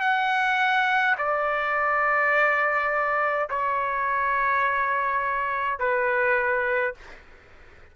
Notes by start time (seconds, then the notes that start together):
0.00 F#5
1.17 D5
3.49 C#5
5.79 B4